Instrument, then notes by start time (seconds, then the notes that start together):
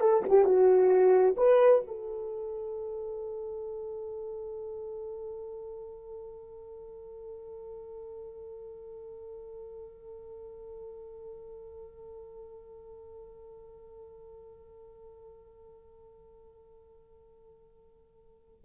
horn
0.00 A4
0.29 G4
0.45 F#4
1.37 B4
1.87 A4